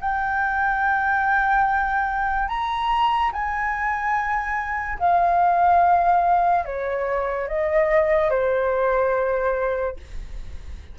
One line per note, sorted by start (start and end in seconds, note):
0.00 2.48 G5
2.48 3.31 A#5
3.32 4.98 G#5
4.99 6.64 F5
6.64 7.48 C#5
7.48 8.30 D#5
8.30 9.96 C5